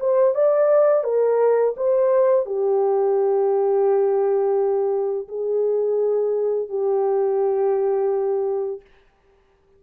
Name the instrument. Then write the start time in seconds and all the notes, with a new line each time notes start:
horn
0.00 C5
0.35 D5
1.04 A#4
1.76 C5
2.46 G4
5.28 G#4
6.69 G4